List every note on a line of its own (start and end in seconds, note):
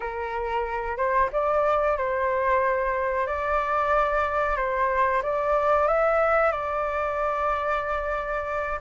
0.00 0.97 A#4
0.97 1.29 C5
1.32 1.97 D5
1.97 3.26 C5
3.26 4.56 D5
4.56 5.21 C5
5.22 5.87 D5
5.87 6.51 E5
6.51 8.79 D5